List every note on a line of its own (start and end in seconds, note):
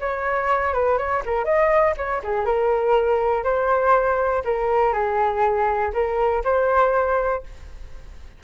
0.00 0.73 C#5
0.73 0.98 B4
0.98 1.23 C#5
1.25 1.44 A#4
1.44 1.94 D#5
1.97 2.22 C#5
2.23 2.45 G#4
2.45 3.44 A#4
3.44 4.43 C5
4.44 4.93 A#4
4.93 5.92 G#4
5.93 6.43 A#4
6.44 7.43 C5